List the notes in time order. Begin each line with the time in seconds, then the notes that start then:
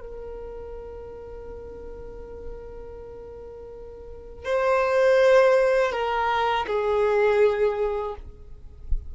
0.00 A#4
4.44 C5
5.92 A#4
6.67 G#4